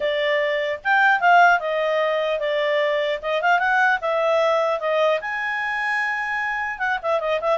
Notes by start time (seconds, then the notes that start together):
0.00 D5
0.84 G5
1.20 F5
1.59 D#5
2.39 D5
3.21 D#5
3.41 F5
3.59 F#5
4.01 E5
4.80 D#5
5.21 G#5
6.78 F#5
7.02 E5
7.19 D#5
7.41 E5